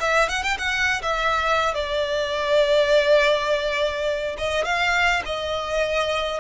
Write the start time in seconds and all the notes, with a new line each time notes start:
0.00 E5
0.29 F#5
0.43 G5
0.58 F#5
1.02 E5
1.74 D5
4.38 D#5
4.64 F5
5.25 D#5